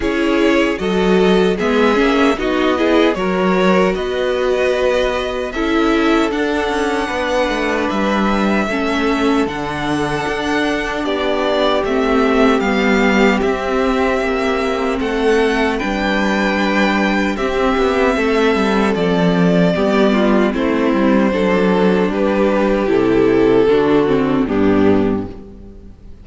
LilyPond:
<<
  \new Staff \with { instrumentName = "violin" } { \time 4/4 \tempo 4 = 76 cis''4 dis''4 e''4 dis''4 | cis''4 dis''2 e''4 | fis''2 e''2 | fis''2 d''4 e''4 |
f''4 e''2 fis''4 | g''2 e''2 | d''2 c''2 | b'4 a'2 g'4 | }
  \new Staff \with { instrumentName = "violin" } { \time 4/4 gis'4 a'4 gis'4 fis'8 gis'8 | ais'4 b'2 a'4~ | a'4 b'2 a'4~ | a'2 g'2~ |
g'2. a'4 | b'2 g'4 a'4~ | a'4 g'8 f'8 e'4 a'4 | g'2 fis'4 d'4 | }
  \new Staff \with { instrumentName = "viola" } { \time 4/4 e'4 fis'4 b8 cis'8 dis'8 e'8 | fis'2. e'4 | d'2. cis'4 | d'2. c'4 |
b4 c'2. | d'2 c'2~ | c'4 b4 c'4 d'4~ | d'4 e'4 d'8 c'8 b4 | }
  \new Staff \with { instrumentName = "cello" } { \time 4/4 cis'4 fis4 gis8 ais8 b4 | fis4 b2 cis'4 | d'8 cis'8 b8 a8 g4 a4 | d4 d'4 b4 a4 |
g4 c'4 ais4 a4 | g2 c'8 b8 a8 g8 | f4 g4 a8 g8 fis4 | g4 c4 d4 g,4 | }
>>